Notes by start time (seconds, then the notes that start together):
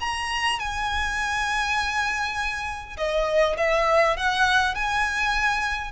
0.00 A#5
0.59 G#5
2.97 D#5
3.57 E5
4.17 F#5
4.74 G#5